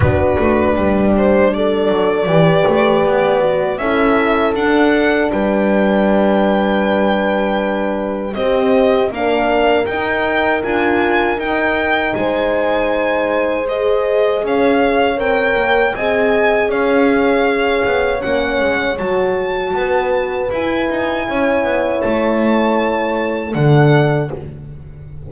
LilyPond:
<<
  \new Staff \with { instrumentName = "violin" } { \time 4/4 \tempo 4 = 79 b'4. c''8 d''2~ | d''4 e''4 fis''4 g''4~ | g''2. dis''4 | f''4 g''4 gis''4 g''4 |
gis''2 dis''4 f''4 | g''4 gis''4 f''2 | fis''4 a''2 gis''4~ | gis''4 a''2 fis''4 | }
  \new Staff \with { instrumentName = "horn" } { \time 4/4 fis'4 g'4 a'4 b'4~ | b'4 a'2 b'4~ | b'2. g'4 | ais'1 |
c''2. cis''4~ | cis''4 dis''4 cis''2~ | cis''2 b'2 | cis''2. a'4 | }
  \new Staff \with { instrumentName = "horn" } { \time 4/4 d'2. g'4~ | g'8 fis'8 e'4 d'2~ | d'2. c'4 | d'4 dis'4 f'4 dis'4~ |
dis'2 gis'2 | ais'4 gis'2. | cis'4 fis'2 e'4~ | e'2. d'4 | }
  \new Staff \with { instrumentName = "double bass" } { \time 4/4 b8 a8 g4. fis8 e8 a8 | b4 cis'4 d'4 g4~ | g2. c'4 | ais4 dis'4 d'4 dis'4 |
gis2. cis'4 | c'8 ais8 c'4 cis'4. b8 | ais8 gis8 fis4 b4 e'8 dis'8 | cis'8 b8 a2 d4 | }
>>